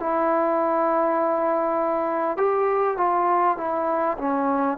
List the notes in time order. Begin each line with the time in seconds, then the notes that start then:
0.00 E4
2.38 G4
2.98 F4
3.58 E4
4.18 C#4